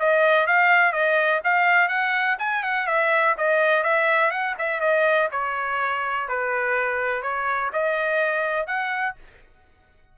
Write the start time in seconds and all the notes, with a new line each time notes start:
0.00 D#5
0.47 F5
0.93 D#5
1.44 F5
1.89 F#5
2.39 G#5
2.64 F#5
2.87 E5
3.38 D#5
3.83 E5
4.31 F#5
4.59 E5
4.81 D#5
5.32 C#5
6.29 B4
7.23 C#5
7.73 D#5
8.67 F#5